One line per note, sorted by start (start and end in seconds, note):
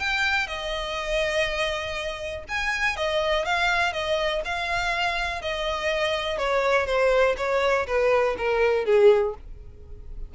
0.00 0.48 G5
0.48 2.44 D#5
2.49 2.97 G#5
2.97 3.45 D#5
3.45 3.93 F5
3.93 4.42 D#5
4.45 5.42 F5
5.42 6.38 D#5
6.38 6.87 C#5
6.87 7.36 C5
7.37 7.87 C#5
7.87 8.36 B4
8.38 8.85 A#4
8.85 9.35 G#4